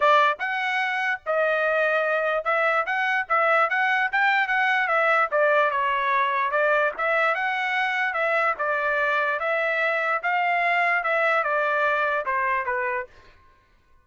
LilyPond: \new Staff \with { instrumentName = "trumpet" } { \time 4/4 \tempo 4 = 147 d''4 fis''2 dis''4~ | dis''2 e''4 fis''4 | e''4 fis''4 g''4 fis''4 | e''4 d''4 cis''2 |
d''4 e''4 fis''2 | e''4 d''2 e''4~ | e''4 f''2 e''4 | d''2 c''4 b'4 | }